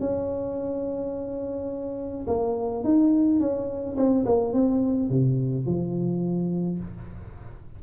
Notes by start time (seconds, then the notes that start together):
0.00 C#4
2.27 A#3
2.84 D#4
3.40 C#4
3.97 C4
4.26 A#3
4.53 C4
5.10 C3
5.66 F3